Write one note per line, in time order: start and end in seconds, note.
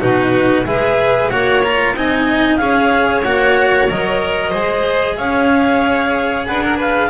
0.00 0.66 B2
0.00 0.65 D#4
0.00 0.65 F#4
0.00 0.66 B4
0.66 1.30 G#3
0.66 1.30 G#4
0.66 1.31 B4
0.66 1.30 E5
1.30 1.94 A#3
1.30 1.62 F#4
1.30 1.95 C#5
1.30 1.62 F#5
1.63 1.96 F4
1.63 1.95 A#5
1.94 2.58 C4
1.94 2.59 D#4
1.94 2.60 D#5
1.94 2.57 G#5
2.57 3.23 C#4
2.57 3.24 G#4
2.57 4.50 C#5
2.57 3.21 F5
3.23 3.89 A#3
3.23 3.89 F#4
3.23 3.88 F#5
3.89 4.54 F#3
3.89 4.51 A#4
3.89 5.17 D#5
4.50 5.19 G#3
4.50 7.09 G#4
4.50 5.14 C5
5.17 6.48 C#4
5.17 6.47 C#5
5.17 6.46 F5
6.46 7.10 D4
6.46 6.63 B4
6.46 6.78 F#5
6.63 6.77 A#4
6.77 7.09 B4
6.77 7.10 F5